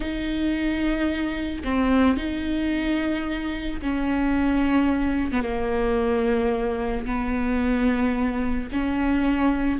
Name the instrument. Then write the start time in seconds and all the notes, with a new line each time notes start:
viola
0.00 D#4
1.64 C4
2.17 D#4
3.81 C#4
5.31 B3
5.42 A#3
7.05 B3
8.72 C#4